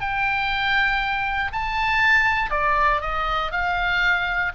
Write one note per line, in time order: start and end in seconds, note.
0.00 1.51 G5
1.52 2.50 A5
2.50 3.01 D5
3.01 3.51 D#5
3.51 4.52 F5